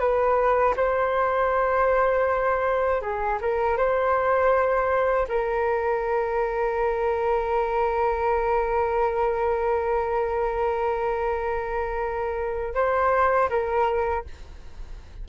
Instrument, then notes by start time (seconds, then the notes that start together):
flute
0.00 B4
0.77 C5
3.02 G#4
3.42 A#4
3.77 C5
5.29 A#4
12.75 C5
13.50 A#4